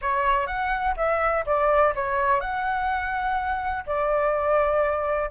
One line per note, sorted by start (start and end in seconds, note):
0.01 0.46 C#5
0.46 0.94 F#5
0.96 1.44 E5
1.46 1.94 D5
1.95 2.40 C#5
2.40 3.84 F#5
3.86 5.30 D5